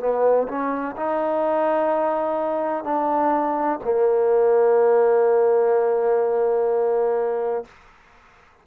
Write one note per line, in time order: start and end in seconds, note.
0.00 0.48 B3
0.48 0.96 C#4
0.97 2.84 D#4
2.84 3.79 D4
3.84 7.65 A#3